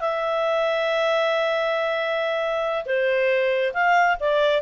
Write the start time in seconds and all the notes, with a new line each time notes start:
0.00 E5
2.85 C5
3.73 F5
4.20 D5